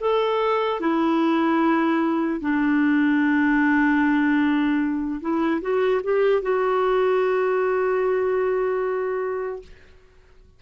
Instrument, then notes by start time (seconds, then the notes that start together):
clarinet
0.00 A4
0.80 E4
2.41 D4
5.21 E4
5.61 F#4
6.04 G4
6.42 F#4